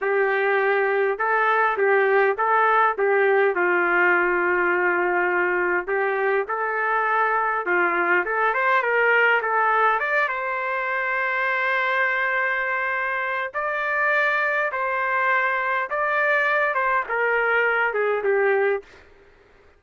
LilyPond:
\new Staff \with { instrumentName = "trumpet" } { \time 4/4 \tempo 4 = 102 g'2 a'4 g'4 | a'4 g'4 f'2~ | f'2 g'4 a'4~ | a'4 f'4 a'8 c''8 ais'4 |
a'4 d''8 c''2~ c''8~ | c''2. d''4~ | d''4 c''2 d''4~ | d''8 c''8 ais'4. gis'8 g'4 | }